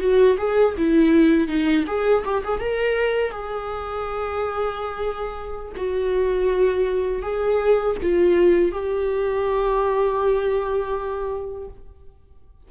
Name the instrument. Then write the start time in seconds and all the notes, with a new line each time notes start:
viola
0.00 F#4
0.38 G#4
0.77 E4
1.47 D#4
1.87 G#4
2.25 G4
2.44 G#4
2.60 A#4
3.31 G#4
5.76 F#4
7.22 G#4
8.02 F4
8.72 G4